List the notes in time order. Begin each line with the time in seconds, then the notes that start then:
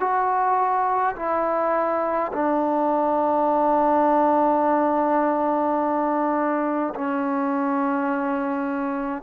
0.00 F#4
1.16 E4
2.33 D4
6.95 C#4